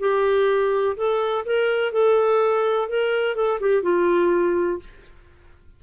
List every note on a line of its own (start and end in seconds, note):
0.00 0.97 G4
0.97 1.46 A4
1.46 1.93 A#4
1.93 2.89 A4
2.89 3.36 A#4
3.36 3.60 A4
3.61 3.83 G4
3.83 4.80 F4